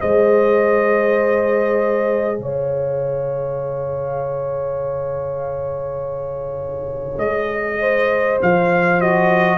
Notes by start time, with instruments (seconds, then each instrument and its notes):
0.00 tuba G#3, trombone G#4, horn C5, trumpet D#5
2.38 tuba C#3, horn C#5, trumpet F5
7.18 tuba G#3, trumpet D#5
7.80 horn C5
8.42 tuba F3, trumpet F5
9.00 trombone F#4, trumpet D#5